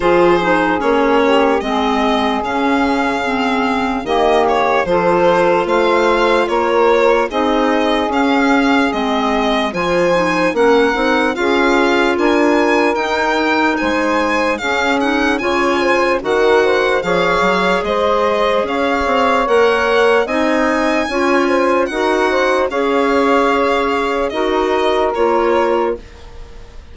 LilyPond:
<<
  \new Staff \with { instrumentName = "violin" } { \time 4/4 \tempo 4 = 74 c''4 cis''4 dis''4 f''4~ | f''4 dis''8 cis''8 c''4 f''4 | cis''4 dis''4 f''4 dis''4 | gis''4 fis''4 f''4 gis''4 |
g''4 gis''4 f''8 fis''8 gis''4 | fis''4 f''4 dis''4 f''4 | fis''4 gis''2 fis''4 | f''2 dis''4 cis''4 | }
  \new Staff \with { instrumentName = "saxophone" } { \time 4/4 gis'4. g'8 gis'2~ | gis'4 g'4 a'4 c''4 | ais'4 gis'2. | c''4 ais'4 gis'4 ais'4~ |
ais'4 c''4 gis'4 cis''8 c''8 | ais'8 c''8 cis''4 c''4 cis''4~ | cis''4 dis''4 cis''8 c''8 ais'8 c''8 | cis''2 ais'2 | }
  \new Staff \with { instrumentName = "clarinet" } { \time 4/4 f'8 dis'8 cis'4 c'4 cis'4 | c'4 ais4 f'2~ | f'4 dis'4 cis'4 c'4 | f'8 dis'8 cis'8 dis'8 f'2 |
dis'2 cis'8 dis'8 f'4 | fis'4 gis'2. | ais'4 dis'4 f'4 fis'4 | gis'2 fis'4 f'4 | }
  \new Staff \with { instrumentName = "bassoon" } { \time 4/4 f4 ais4 gis4 cis4~ | cis4 dis4 f4 a4 | ais4 c'4 cis'4 gis4 | f4 ais8 c'8 cis'4 d'4 |
dis'4 gis4 cis'4 cis4 | dis4 f8 fis8 gis4 cis'8 c'8 | ais4 c'4 cis'4 dis'4 | cis'2 dis'4 ais4 | }
>>